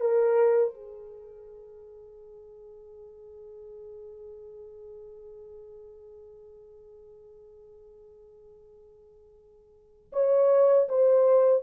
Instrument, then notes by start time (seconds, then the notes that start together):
horn
0.00 A#4
0.74 G#4
10.12 C#5
10.89 C5